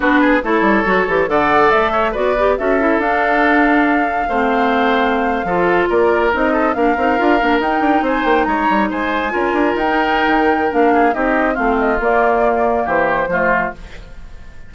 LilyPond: <<
  \new Staff \with { instrumentName = "flute" } { \time 4/4 \tempo 4 = 140 b'4 cis''2 fis''4 | e''4 d''4 e''4 f''4~ | f''1~ | f''4.~ f''16 d''4 dis''4 f''16~ |
f''4.~ f''16 g''4 gis''8 g''8 ais''16~ | ais''8. gis''2 g''4~ g''16~ | g''4 f''4 dis''4 f''8 dis''8 | d''2 c''2 | }
  \new Staff \with { instrumentName = "oboe" } { \time 4/4 fis'8 gis'8 a'2 d''4~ | d''8 cis''8 b'4 a'2~ | a'2 c''2~ | c''8. a'4 ais'4. a'8 ais'16~ |
ais'2~ ais'8. c''4 cis''16~ | cis''8. c''4 ais'2~ ais'16~ | ais'4. gis'8 g'4 f'4~ | f'2 g'4 f'4 | }
  \new Staff \with { instrumentName = "clarinet" } { \time 4/4 d'4 e'4 fis'8 g'8 a'4~ | a'4 fis'8 g'8 fis'8 e'8 d'4~ | d'2 c'2~ | c'8. f'2 dis'4 d'16~ |
d'16 dis'8 f'8 d'8 dis'2~ dis'16~ | dis'4.~ dis'16 f'4~ f'16 dis'4~ | dis'4 d'4 dis'4 c'4 | ais2. a4 | }
  \new Staff \with { instrumentName = "bassoon" } { \time 4/4 b4 a8 g8 fis8 e8 d4 | a4 b4 cis'4 d'4~ | d'2 a2~ | a8. f4 ais4 c'4 ais16~ |
ais16 c'8 d'8 ais8 dis'8 d'8 c'8 ais8 gis16~ | gis16 g8 gis4 cis'8 d'8 dis'4~ dis'16 | dis4 ais4 c'4 a4 | ais2 e4 f4 | }
>>